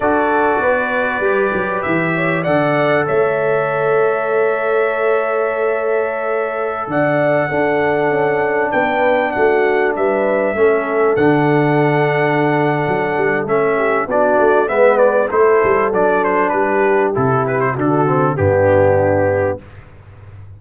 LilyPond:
<<
  \new Staff \with { instrumentName = "trumpet" } { \time 4/4 \tempo 4 = 98 d''2. e''4 | fis''4 e''2.~ | e''2.~ e''16 fis''8.~ | fis''2~ fis''16 g''4 fis''8.~ |
fis''16 e''2 fis''4.~ fis''16~ | fis''2 e''4 d''4 | e''8 d''8 c''4 d''8 c''8 b'4 | a'8 b'16 c''16 a'4 g'2 | }
  \new Staff \with { instrumentName = "horn" } { \time 4/4 a'4 b'2~ b'8 cis''8 | d''4 cis''2.~ | cis''2.~ cis''16 d''8.~ | d''16 a'2 b'4 fis'8.~ |
fis'16 b'4 a'2~ a'8.~ | a'2~ a'8 g'8 fis'4 | b'4 a'2 g'4~ | g'4 fis'4 d'2 | }
  \new Staff \with { instrumentName = "trombone" } { \time 4/4 fis'2 g'2 | a'1~ | a'1~ | a'16 d'2.~ d'8.~ |
d'4~ d'16 cis'4 d'4.~ d'16~ | d'2 cis'4 d'4 | b4 e'4 d'2 | e'4 d'8 c'8 b2 | }
  \new Staff \with { instrumentName = "tuba" } { \time 4/4 d'4 b4 g8 fis8 e4 | d4 a2.~ | a2.~ a16 d8.~ | d16 d'4 cis'4 b4 a8.~ |
a16 g4 a4 d4.~ d16~ | d4 fis8 g8 a4 b8 a8 | gis4 a8 g8 fis4 g4 | c4 d4 g,2 | }
>>